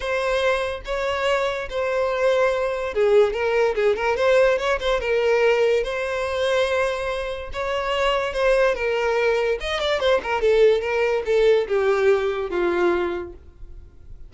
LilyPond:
\new Staff \with { instrumentName = "violin" } { \time 4/4 \tempo 4 = 144 c''2 cis''2 | c''2. gis'4 | ais'4 gis'8 ais'8 c''4 cis''8 c''8 | ais'2 c''2~ |
c''2 cis''2 | c''4 ais'2 dis''8 d''8 | c''8 ais'8 a'4 ais'4 a'4 | g'2 f'2 | }